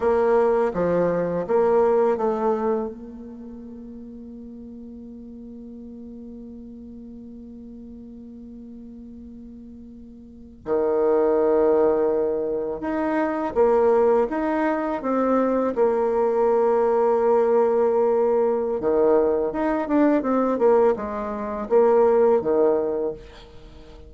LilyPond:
\new Staff \with { instrumentName = "bassoon" } { \time 4/4 \tempo 4 = 83 ais4 f4 ais4 a4 | ais1~ | ais1~ | ais2~ ais8. dis4~ dis16~ |
dis4.~ dis16 dis'4 ais4 dis'16~ | dis'8. c'4 ais2~ ais16~ | ais2 dis4 dis'8 d'8 | c'8 ais8 gis4 ais4 dis4 | }